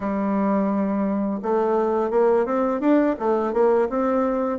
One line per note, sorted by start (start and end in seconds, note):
0.00 1.40 G3
1.42 2.10 A3
2.10 2.45 A#3
2.45 2.80 C4
2.80 3.15 D4
3.19 3.53 A3
3.53 3.88 A#3
3.89 4.58 C4